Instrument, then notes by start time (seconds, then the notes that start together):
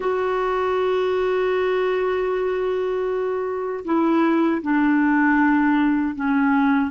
clarinet
0.00 F#4
3.85 E4
4.62 D4
6.15 C#4